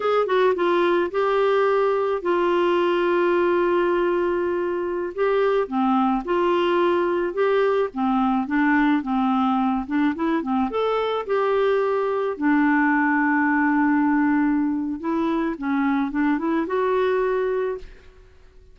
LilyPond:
\new Staff \with { instrumentName = "clarinet" } { \time 4/4 \tempo 4 = 108 gis'8 fis'8 f'4 g'2 | f'1~ | f'4~ f'16 g'4 c'4 f'8.~ | f'4~ f'16 g'4 c'4 d'8.~ |
d'16 c'4. d'8 e'8 c'8 a'8.~ | a'16 g'2 d'4.~ d'16~ | d'2. e'4 | cis'4 d'8 e'8 fis'2 | }